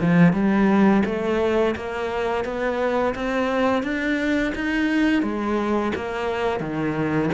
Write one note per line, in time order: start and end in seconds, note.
0.00 0.33 F3
0.33 1.03 G3
1.05 1.75 A3
1.76 2.45 A#3
2.45 3.14 B3
3.15 3.83 C4
3.83 4.53 D4
4.55 5.23 D#4
5.23 5.92 G#3
5.96 6.60 A#3
6.60 7.30 D#3